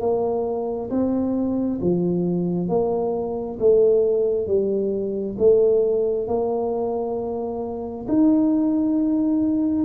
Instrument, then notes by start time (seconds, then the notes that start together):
tuba
0.00 A#3
0.90 C4
1.81 F3
2.68 A#3
3.59 A3
4.47 G3
5.38 A3
6.27 A#3
8.08 D#4